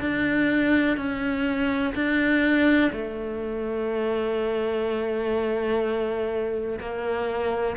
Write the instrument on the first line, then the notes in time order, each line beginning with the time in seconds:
cello
0.00 D4
0.96 C#4
1.94 D4
2.92 A3
6.80 A#3